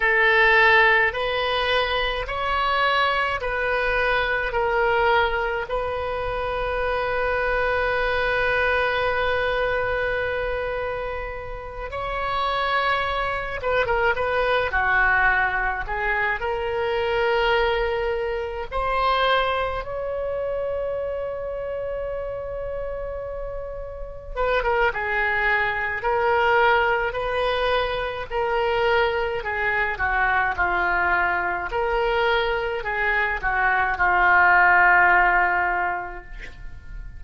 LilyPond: \new Staff \with { instrumentName = "oboe" } { \time 4/4 \tempo 4 = 53 a'4 b'4 cis''4 b'4 | ais'4 b'2.~ | b'2~ b'8 cis''4. | b'16 ais'16 b'8 fis'4 gis'8 ais'4.~ |
ais'8 c''4 cis''2~ cis''8~ | cis''4. b'16 ais'16 gis'4 ais'4 | b'4 ais'4 gis'8 fis'8 f'4 | ais'4 gis'8 fis'8 f'2 | }